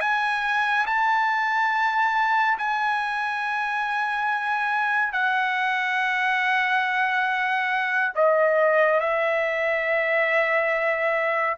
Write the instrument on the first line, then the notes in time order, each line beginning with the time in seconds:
trumpet
0.00 G#5
0.86 A5
2.58 G#5
5.13 F#5
8.15 D#5
9.00 E5